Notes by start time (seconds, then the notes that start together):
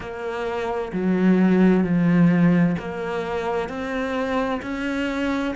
0.00 A#3
0.92 F#3
1.83 F3
2.79 A#3
3.68 C4
4.62 C#4